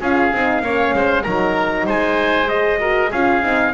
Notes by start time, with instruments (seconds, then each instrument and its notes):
0.00 double bass C#4, horn F4, oboe G#4, trumpet F5
0.32 double bass C4, horn D#4
0.62 double bass A#3, horn C#4, oboe C#5
0.93 double bass G#3, oboe C5
1.23 double bass F#3, horn D#4, oboe A#4, trumpet A#5
1.86 double bass G#3, oboe C5, trumpet G#5
2.47 horn G#4, trumpet D#5
2.79 horn F#4, oboe A#4
3.10 double bass C#4, horn F4, oboe G#4, trumpet F5
3.42 double bass C4, horn D#4